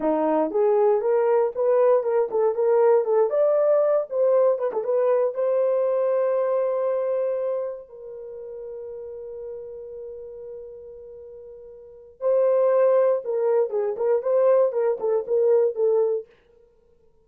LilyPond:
\new Staff \with { instrumentName = "horn" } { \time 4/4 \tempo 4 = 118 dis'4 gis'4 ais'4 b'4 | ais'8 a'8 ais'4 a'8 d''4. | c''4 b'16 a'16 b'4 c''4.~ | c''2.~ c''8 ais'8~ |
ais'1~ | ais'1 | c''2 ais'4 gis'8 ais'8 | c''4 ais'8 a'8 ais'4 a'4 | }